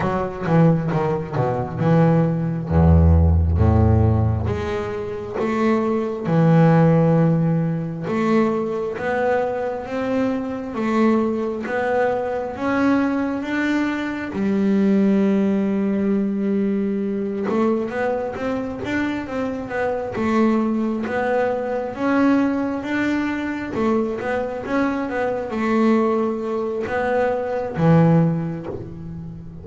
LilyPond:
\new Staff \with { instrumentName = "double bass" } { \time 4/4 \tempo 4 = 67 fis8 e8 dis8 b,8 e4 e,4 | a,4 gis4 a4 e4~ | e4 a4 b4 c'4 | a4 b4 cis'4 d'4 |
g2.~ g8 a8 | b8 c'8 d'8 c'8 b8 a4 b8~ | b8 cis'4 d'4 a8 b8 cis'8 | b8 a4. b4 e4 | }